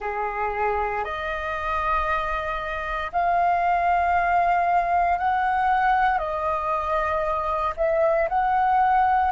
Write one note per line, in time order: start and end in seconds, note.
0.00 1.04 G#4
1.04 3.11 D#5
3.12 5.18 F5
5.18 6.18 F#5
6.18 7.73 D#5
7.76 8.28 E5
8.28 9.31 F#5